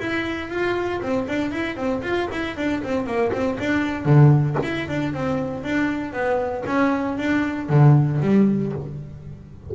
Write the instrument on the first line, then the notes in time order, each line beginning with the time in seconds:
double bass
0.00 E4
0.50 F4
1.02 C4
1.28 D4
1.52 E4
1.77 C4
2.03 F4
2.32 E4
2.57 D4
2.83 C4
3.07 A#3
3.33 C4
3.59 D4
4.06 D3
4.63 E4
4.89 D4
5.14 C4
5.64 D4
6.13 B3
6.67 C#4
7.18 D4
7.69 D3
8.21 G3